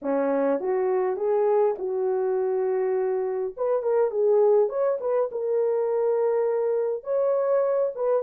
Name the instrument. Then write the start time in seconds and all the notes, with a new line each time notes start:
horn
0.02 C#4
0.60 F#4
1.16 G#4
1.78 F#4
3.56 B4
3.82 A#4
4.10 G#4
4.69 C#5
5.00 B4
5.31 A#4
7.03 C#5
7.95 B4